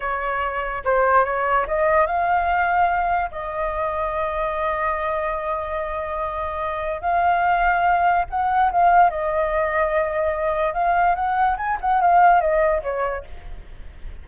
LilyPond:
\new Staff \with { instrumentName = "flute" } { \time 4/4 \tempo 4 = 145 cis''2 c''4 cis''4 | dis''4 f''2. | dis''1~ | dis''1~ |
dis''4 f''2. | fis''4 f''4 dis''2~ | dis''2 f''4 fis''4 | gis''8 fis''8 f''4 dis''4 cis''4 | }